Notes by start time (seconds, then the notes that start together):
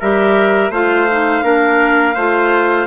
0.00 G3 G4 A#4 E5
0.70 A3 F4 C5 F5
1.10 D#4
1.42 A#3 D4 A#4
2.14 A3 F4 C5